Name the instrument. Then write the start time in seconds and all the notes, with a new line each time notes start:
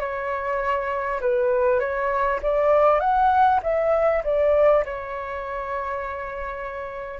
flute
0.00 C#5
1.21 B4
1.79 C#5
2.42 D5
3.00 F#5
3.62 E5
4.24 D5
4.85 C#5